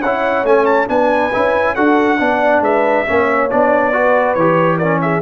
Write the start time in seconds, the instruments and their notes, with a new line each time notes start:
0.00 tuba C#4, trombone E4, horn C#5, trumpet F#5
0.44 tuba A3, trombone C#4, trumpet G#5
0.65 trumpet A5
0.87 tuba B3, trombone D4, horn B4, trumpet G#5
1.33 tuba C#4, trombone E4
1.74 tuba D4, trombone F#4, horn A4, trumpet F#5
2.18 tuba B3, trombone D4, horn D5
2.61 tuba G#3, horn B4, trumpet E5
3.06 tuba A#3, trombone C#4, horn C#5
3.50 tuba B3, trombone D4, trumpet D5
3.92 trombone F#4, horn B4
4.34 tuba E3, trombone G4, trumpet C#5
4.77 trombone C#4, horn A#4, trumpet D5
5.01 horn G#4, trumpet E5